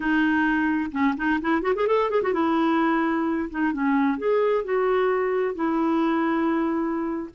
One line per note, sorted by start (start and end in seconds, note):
0.00 0.90 D#4
0.91 1.14 C#4
1.16 1.40 D#4
1.41 1.62 E4
1.62 1.73 F#4
1.75 1.87 G#4
1.87 2.10 A4
2.10 2.22 G#4
2.22 2.33 F#4
2.33 3.49 E4
3.50 3.73 D#4
3.73 4.18 C#4
4.18 4.64 G#4
4.64 5.55 F#4
5.55 7.29 E4